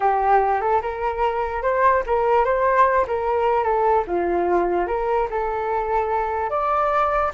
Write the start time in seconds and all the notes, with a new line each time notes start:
0.00 G4
0.61 A4
0.82 A#4
1.62 C5
2.06 A#4
2.44 C5
3.07 A#4
3.63 A4
4.07 F4
4.87 A#4
5.30 A4
6.49 D5